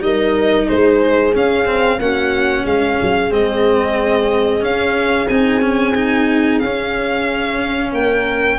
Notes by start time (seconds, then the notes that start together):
0.00 G3 D#4 A#4 D#5
0.67 G#3 G#4 C5
1.35 C#4 F5
1.65 C4
1.99 A#3 C#4 F#4 F#5
2.64 G#3 G#4 F5
3.02 F#3
3.31 G#3 C4 D#5
4.61 C#4 F5
5.28 C4 D#4 G#5
5.61 C#4
5.95 D#4
6.59 C#4 F5
7.93 A#3 A#4 G5